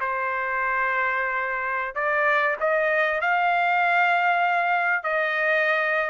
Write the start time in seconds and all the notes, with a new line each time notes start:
0.00 C5
1.95 D5
2.60 D#5
3.21 F5
5.03 D#5